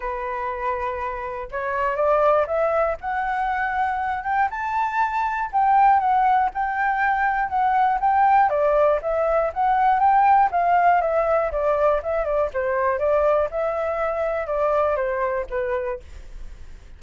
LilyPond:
\new Staff \with { instrumentName = "flute" } { \time 4/4 \tempo 4 = 120 b'2. cis''4 | d''4 e''4 fis''2~ | fis''8 g''8 a''2 g''4 | fis''4 g''2 fis''4 |
g''4 d''4 e''4 fis''4 | g''4 f''4 e''4 d''4 | e''8 d''8 c''4 d''4 e''4~ | e''4 d''4 c''4 b'4 | }